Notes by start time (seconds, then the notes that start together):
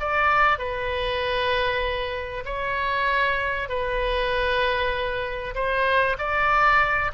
0.00 D5
0.58 B4
2.45 C#5
3.68 B4
5.54 C5
6.18 D5